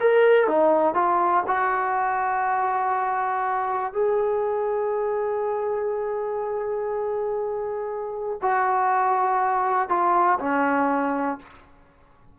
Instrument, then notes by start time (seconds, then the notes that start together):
trombone
0.00 A#4
0.47 D#4
0.94 F4
1.47 F#4
3.93 G#4
8.42 F#4
9.89 F4
10.39 C#4